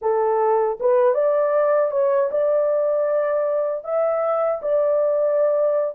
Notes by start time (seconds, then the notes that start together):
0.01 A4
0.79 B4
1.14 D5
1.91 C#5
2.31 D5
3.84 E5
4.62 D5